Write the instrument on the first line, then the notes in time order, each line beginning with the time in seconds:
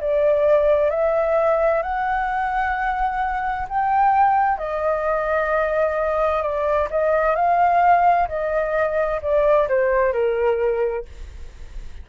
flute
0.00 D5
0.90 E5
1.83 F#5
3.68 G5
4.58 D#5
6.42 D5
6.90 D#5
7.36 F5
8.28 D#5
9.21 D5
9.68 C5
10.13 A#4